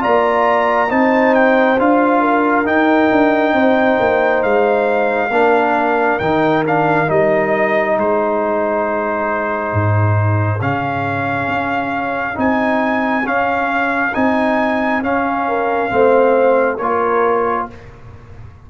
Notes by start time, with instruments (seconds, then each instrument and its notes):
0.00 tuba A#3, trombone F4, horn D5, trumpet A#5
0.89 tuba C4, trombone D#4, horn C5, trumpet A5
1.35 trumpet G5
1.79 tuba D4, trombone F4, trumpet F5
2.21 horn A#4
2.65 trombone D#4, tuba D#4, trumpet G5
3.12 tuba D4
3.54 tuba C4, horn C5
4.00 tuba A#3
4.43 tuba G#3, trumpet F5
5.31 tuba A#3, trombone D4, horn A#4
6.20 tuba D#3, trombone D#4, trumpet G5
6.66 trombone D4, trumpet F5
7.07 tuba G3, trombone D#4, trumpet D#5
7.97 tuba G#3, horn G#4, trumpet C5
9.74 tuba G#2
10.61 tuba C#3, trombone C#4, trumpet F5
11.49 tuba C#4
12.35 tuba C4, trombone D#4, trumpet G#5
13.25 trombone C#4, tuba C#4, trumpet F5
14.15 tuba C4, trombone D#4, trumpet G#5
15.03 trombone C#4, tuba C#4, trumpet F5
15.49 horn A#4
15.90 tuba A3, trombone C4, horn C5
16.78 tuba A#3, trombone F4, horn A#4, trumpet C#5